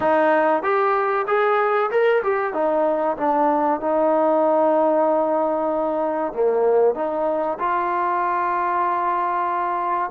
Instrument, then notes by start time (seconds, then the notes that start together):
trombone
0.00 D#4
0.63 G4
1.27 G#4
1.90 A#4
2.23 G4
2.53 D#4
3.17 D4
3.80 D#4
6.33 A#3
6.94 D#4
7.59 F4